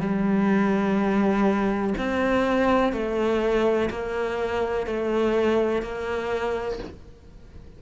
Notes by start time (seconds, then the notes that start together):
0.00 G3
1.98 C4
2.93 A3
3.90 A#3
4.87 A3
5.82 A#3